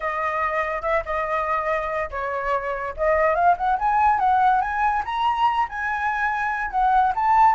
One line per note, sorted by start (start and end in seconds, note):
0.00 0.82 D#5
0.82 1.03 E5
1.05 2.10 D#5
2.10 2.94 C#5
2.96 3.35 D#5
3.35 3.55 F5
3.57 3.78 F#5
3.79 4.19 G#5
4.19 4.61 F#5
4.61 5.03 G#5
5.05 5.68 A#5
5.69 6.71 G#5
6.71 7.13 F#5
7.15 7.55 A5